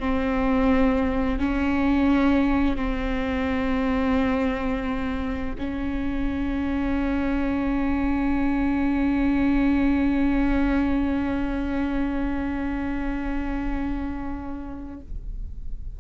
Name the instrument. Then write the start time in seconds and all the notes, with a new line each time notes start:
viola
0.00 C4
1.40 C#4
2.77 C4
5.59 C#4